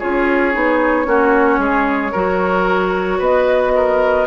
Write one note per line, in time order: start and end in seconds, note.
0.00 0.55 C#4
0.00 0.53 F4
0.00 1.07 G#4
0.00 3.22 C#5
0.53 1.07 B3
0.53 1.05 D#4
1.05 1.59 A#3
1.05 2.12 C#4
1.05 1.60 F#4
1.59 2.12 G#3
1.59 2.12 G#4
2.12 3.20 F#3
2.12 4.27 F#4
2.12 3.19 A#4
3.19 4.27 B3
3.19 3.72 B4
3.19 4.27 D#5
3.75 4.27 A#4